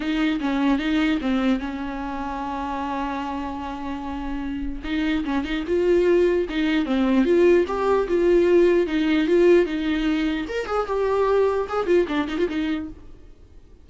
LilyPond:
\new Staff \with { instrumentName = "viola" } { \time 4/4 \tempo 4 = 149 dis'4 cis'4 dis'4 c'4 | cis'1~ | cis'1 | dis'4 cis'8 dis'8 f'2 |
dis'4 c'4 f'4 g'4 | f'2 dis'4 f'4 | dis'2 ais'8 gis'8 g'4~ | g'4 gis'8 f'8 d'8 dis'16 f'16 dis'4 | }